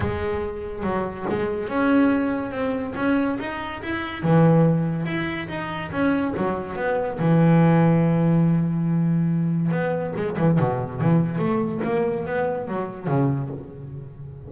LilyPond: \new Staff \with { instrumentName = "double bass" } { \time 4/4 \tempo 4 = 142 gis2 fis4 gis4 | cis'2 c'4 cis'4 | dis'4 e'4 e2 | e'4 dis'4 cis'4 fis4 |
b4 e2.~ | e2. b4 | gis8 e8 b,4 e4 a4 | ais4 b4 fis4 cis4 | }